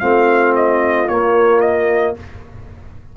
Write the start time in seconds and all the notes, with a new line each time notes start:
0.00 A3 C4 F4 F5
0.56 D#5
1.09 A#3 C#5
1.61 D#5